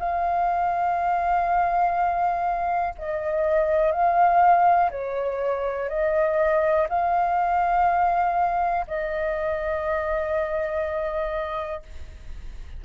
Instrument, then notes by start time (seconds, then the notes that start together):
flute
0.00 F5
2.99 D#5
3.92 F5
4.91 C#5
5.89 D#5
6.89 F5
8.88 D#5